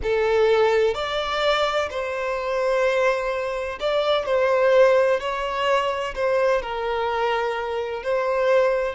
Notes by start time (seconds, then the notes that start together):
0.03 A4
0.94 D5
1.89 C5
3.80 D5
4.25 C5
5.20 C#5
6.14 C5
6.62 A#4
8.03 C5